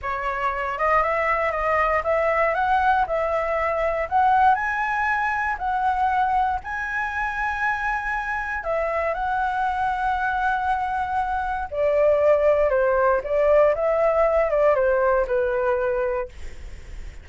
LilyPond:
\new Staff \with { instrumentName = "flute" } { \time 4/4 \tempo 4 = 118 cis''4. dis''8 e''4 dis''4 | e''4 fis''4 e''2 | fis''4 gis''2 fis''4~ | fis''4 gis''2.~ |
gis''4 e''4 fis''2~ | fis''2. d''4~ | d''4 c''4 d''4 e''4~ | e''8 d''8 c''4 b'2 | }